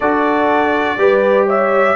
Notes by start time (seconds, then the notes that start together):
0.00 D4 F#4 A4 D5
0.96 G3 G4 B4
1.46 C#5 E5